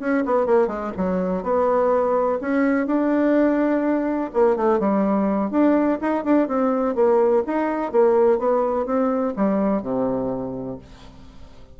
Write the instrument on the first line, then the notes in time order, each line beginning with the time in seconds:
bassoon
0.00 C#4
0.25 B3
0.46 A#3
0.68 G#3
0.97 F#3
1.43 B3
2.41 C#4
2.87 D4
4.34 A#3
4.57 A3
4.80 G3
5.51 D4
6.01 D#4
6.24 D4
6.48 C4
6.95 A#3
7.47 D#4
7.92 A#3
8.39 B3
8.86 C4
9.36 G3
9.82 C3